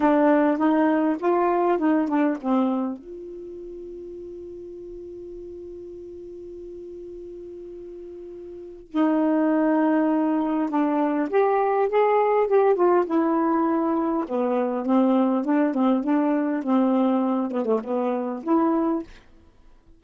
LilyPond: \new Staff \with { instrumentName = "saxophone" } { \time 4/4 \tempo 4 = 101 d'4 dis'4 f'4 dis'8 d'8 | c'4 f'2.~ | f'1~ | f'2. dis'4~ |
dis'2 d'4 g'4 | gis'4 g'8 f'8 e'2 | b4 c'4 d'8 c'8 d'4 | c'4. b16 a16 b4 e'4 | }